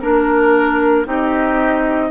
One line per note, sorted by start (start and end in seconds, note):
0.00 1.05 A#3
0.00 1.05 D4
0.00 1.05 A#4
0.00 1.07 A#4
1.05 2.11 C4
1.05 2.11 D#4
1.05 2.11 G4
1.05 2.11 D#5